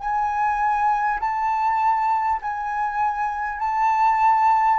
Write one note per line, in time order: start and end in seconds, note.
0.00 1.20 G#5
1.21 2.41 A5
2.42 3.59 G#5
3.59 4.79 A5